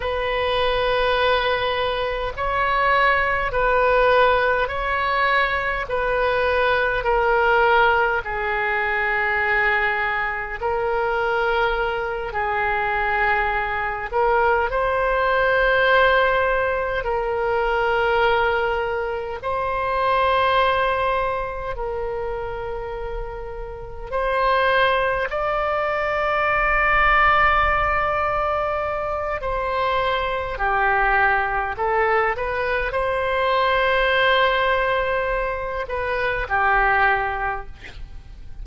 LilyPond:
\new Staff \with { instrumentName = "oboe" } { \time 4/4 \tempo 4 = 51 b'2 cis''4 b'4 | cis''4 b'4 ais'4 gis'4~ | gis'4 ais'4. gis'4. | ais'8 c''2 ais'4.~ |
ais'8 c''2 ais'4.~ | ais'8 c''4 d''2~ d''8~ | d''4 c''4 g'4 a'8 b'8 | c''2~ c''8 b'8 g'4 | }